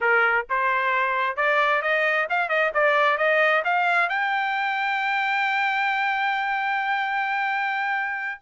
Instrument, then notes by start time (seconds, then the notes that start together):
trumpet
0.00 A#4
0.49 C5
1.36 D5
1.82 D#5
2.29 F5
2.49 D#5
2.74 D5
3.17 D#5
3.64 F5
4.09 G5